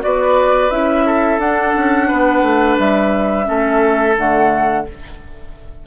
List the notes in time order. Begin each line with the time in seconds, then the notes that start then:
0.00 B3 F#4 B4 D5
0.70 C#4 E4 E5
1.06 A4
1.38 D4 F#5
1.76 C#4
2.08 B3 B4
2.42 A3
2.78 G3 E5
3.44 A3 C#4 A4
4.17 D3 A3 F#5